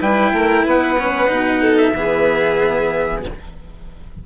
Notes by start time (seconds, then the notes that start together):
0.00 G3 E4 B4 G5
0.32 A3 A#4
0.66 B3 B4 F#5
0.98 C#4
1.27 B2 D#4
1.61 A4
1.77 E5
1.93 E3 B3 G#4